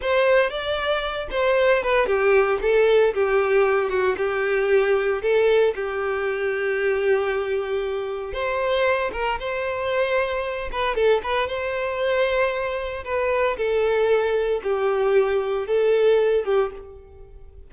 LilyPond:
\new Staff \with { instrumentName = "violin" } { \time 4/4 \tempo 4 = 115 c''4 d''4. c''4 b'8 | g'4 a'4 g'4. fis'8 | g'2 a'4 g'4~ | g'1 |
c''4. ais'8 c''2~ | c''8 b'8 a'8 b'8 c''2~ | c''4 b'4 a'2 | g'2 a'4. g'8 | }